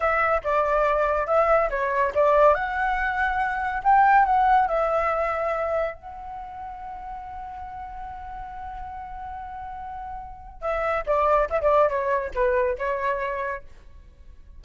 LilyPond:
\new Staff \with { instrumentName = "flute" } { \time 4/4 \tempo 4 = 141 e''4 d''2 e''4 | cis''4 d''4 fis''2~ | fis''4 g''4 fis''4 e''4~ | e''2 fis''2~ |
fis''1~ | fis''1~ | fis''4 e''4 d''4 e''16 d''8. | cis''4 b'4 cis''2 | }